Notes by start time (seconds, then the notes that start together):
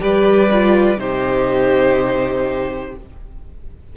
0.00 G3 G4 B4 D5
0.52 F4
0.97 C3 D#4 G4 C5